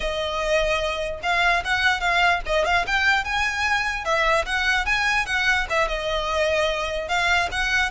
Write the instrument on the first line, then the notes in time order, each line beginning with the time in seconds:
violin
0.00 D#5
1.22 F5
1.64 F#5
2.00 F5
2.46 D#5
2.65 F5
2.86 G5
3.24 G#5
4.04 E5
4.45 F#5
4.85 G#5
5.26 F#5
5.69 E5
5.88 D#5
7.08 F5
7.51 F#5